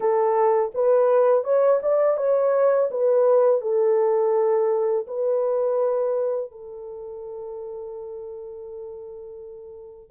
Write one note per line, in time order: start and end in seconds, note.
0.00 0.72 A4
0.74 1.44 B4
1.44 1.80 C#5
1.82 2.17 D5
2.17 2.89 C#5
2.90 3.61 B4
3.61 5.06 A4
5.07 6.51 B4
6.51 10.10 A4